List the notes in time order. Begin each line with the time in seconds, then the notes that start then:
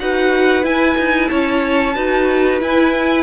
0.00 D#4 F#4 B4 F#5
0.64 E4 G#5
0.98 D#4
1.29 C#4 C#5 A5
1.96 D#4 F#4 B4
2.60 E4 G#5